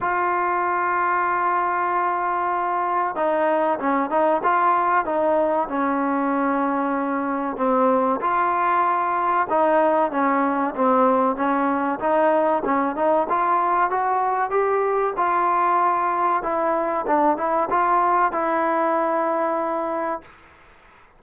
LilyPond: \new Staff \with { instrumentName = "trombone" } { \time 4/4 \tempo 4 = 95 f'1~ | f'4 dis'4 cis'8 dis'8 f'4 | dis'4 cis'2. | c'4 f'2 dis'4 |
cis'4 c'4 cis'4 dis'4 | cis'8 dis'8 f'4 fis'4 g'4 | f'2 e'4 d'8 e'8 | f'4 e'2. | }